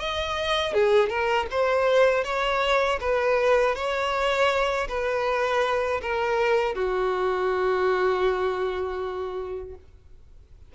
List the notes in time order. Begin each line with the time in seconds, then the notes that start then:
0.00 D#5
0.74 G#4
1.09 A#4
1.51 C5
2.24 C#5
3.01 B4
3.75 C#5
4.89 B4
6.02 A#4
6.75 F#4